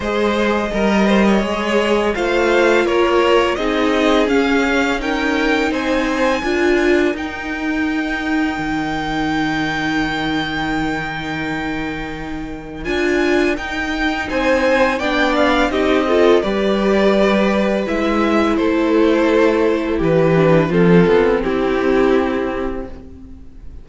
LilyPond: <<
  \new Staff \with { instrumentName = "violin" } { \time 4/4 \tempo 4 = 84 dis''2. f''4 | cis''4 dis''4 f''4 g''4 | gis''2 g''2~ | g''1~ |
g''2 gis''4 g''4 | gis''4 g''8 f''8 dis''4 d''4~ | d''4 e''4 c''2 | b'4 a'4 g'2 | }
  \new Staff \with { instrumentName = "violin" } { \time 4/4 c''4 ais'8 c''16 cis''4~ cis''16 c''4 | ais'4 gis'2 ais'4 | c''4 ais'2.~ | ais'1~ |
ais'1 | c''4 d''4 g'8 a'8 b'4~ | b'2 a'2 | g'4 f'4 e'2 | }
  \new Staff \with { instrumentName = "viola" } { \time 4/4 gis'4 ais'4 gis'4 f'4~ | f'4 dis'4 cis'4 dis'4~ | dis'4 f'4 dis'2~ | dis'1~ |
dis'2 f'4 dis'4~ | dis'4 d'4 dis'8 f'8 g'4~ | g'4 e'2.~ | e'8 d'8 c'2. | }
  \new Staff \with { instrumentName = "cello" } { \time 4/4 gis4 g4 gis4 a4 | ais4 c'4 cis'2 | c'4 d'4 dis'2 | dis1~ |
dis2 d'4 dis'4 | c'4 b4 c'4 g4~ | g4 gis4 a2 | e4 f8 b8 c'2 | }
>>